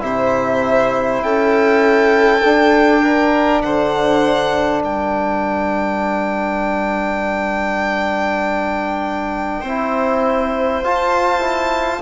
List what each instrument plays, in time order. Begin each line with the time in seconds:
0.00 bassoon C3, trombone E4, violin C5 E5
1.22 bassoon C#4, violin A4 G5
2.44 bassoon D4, trombone D4
3.02 violin A#4
3.62 bassoon D3, violin C5 F#5
4.83 bassoon G3, violin A#4 G5
9.61 bassoon C4, trombone E4, violin C5
10.83 bassoon F4, trombone F4, violin A5
11.40 trombone E4